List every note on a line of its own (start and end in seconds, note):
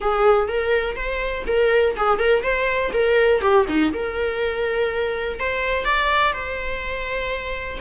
0.00 0.48 G#4
0.48 0.95 A#4
0.95 1.44 C5
1.46 1.95 A#4
1.96 2.18 G#4
2.18 2.43 A#4
2.43 2.91 C5
2.93 3.41 A#4
3.41 3.65 G4
3.68 3.92 D#4
3.93 5.39 A#4
5.39 5.84 C5
5.84 6.32 D5
6.32 7.79 C5